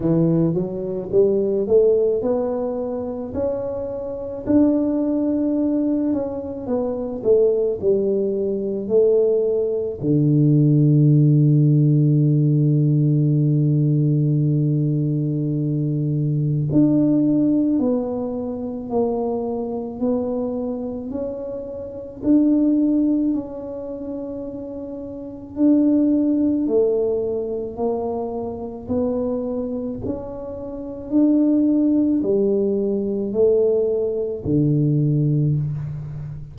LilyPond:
\new Staff \with { instrumentName = "tuba" } { \time 4/4 \tempo 4 = 54 e8 fis8 g8 a8 b4 cis'4 | d'4. cis'8 b8 a8 g4 | a4 d2.~ | d2. d'4 |
b4 ais4 b4 cis'4 | d'4 cis'2 d'4 | a4 ais4 b4 cis'4 | d'4 g4 a4 d4 | }